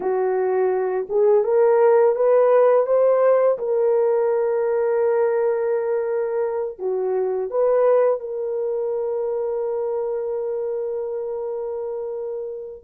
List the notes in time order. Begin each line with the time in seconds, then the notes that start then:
0.00 F#4
1.09 G#4
1.44 A#4
2.15 B4
2.86 C5
3.58 A#4
6.79 F#4
7.50 B4
8.19 A#4